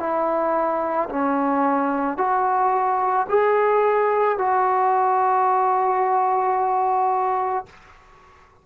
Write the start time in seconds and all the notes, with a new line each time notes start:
0.00 E4
1.10 C#4
2.18 F#4
3.29 G#4
4.39 F#4